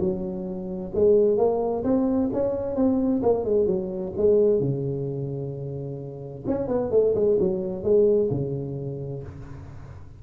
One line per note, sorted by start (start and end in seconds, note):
0.00 0.92 F#3
0.95 1.38 G#3
1.38 1.84 A#3
1.84 2.30 C4
2.33 2.76 C#4
2.76 3.22 C4
3.23 3.45 A#3
3.45 3.67 G#3
3.67 4.13 F#3
4.17 4.60 G#3
4.60 6.45 C#3
6.47 6.68 C#4
6.68 6.91 B3
6.91 7.15 A3
7.15 7.38 G#3
7.40 7.84 F#3
7.84 8.30 G#3
8.31 9.23 C#3